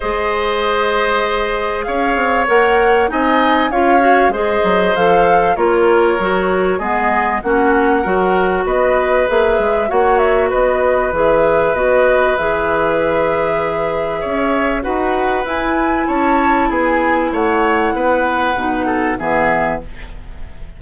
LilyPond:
<<
  \new Staff \with { instrumentName = "flute" } { \time 4/4 \tempo 4 = 97 dis''2. f''4 | fis''4 gis''4 f''4 dis''4 | f''4 cis''2 dis''4 | fis''2 dis''4 e''4 |
fis''8 e''8 dis''4 e''4 dis''4 | e''1 | fis''4 gis''4 a''4 gis''4 | fis''2. e''4 | }
  \new Staff \with { instrumentName = "oboe" } { \time 4/4 c''2. cis''4~ | cis''4 dis''4 cis''4 c''4~ | c''4 ais'2 gis'4 | fis'4 ais'4 b'2 |
cis''4 b'2.~ | b'2. cis''4 | b'2 cis''4 gis'4 | cis''4 b'4. a'8 gis'4 | }
  \new Staff \with { instrumentName = "clarinet" } { \time 4/4 gis'1 | ais'4 dis'4 f'8 fis'8 gis'4 | a'4 f'4 fis'4 b4 | cis'4 fis'2 gis'4 |
fis'2 gis'4 fis'4 | gis'1 | fis'4 e'2.~ | e'2 dis'4 b4 | }
  \new Staff \with { instrumentName = "bassoon" } { \time 4/4 gis2. cis'8 c'8 | ais4 c'4 cis'4 gis8 fis8 | f4 ais4 fis4 gis4 | ais4 fis4 b4 ais8 gis8 |
ais4 b4 e4 b4 | e2. cis'4 | dis'4 e'4 cis'4 b4 | a4 b4 b,4 e4 | }
>>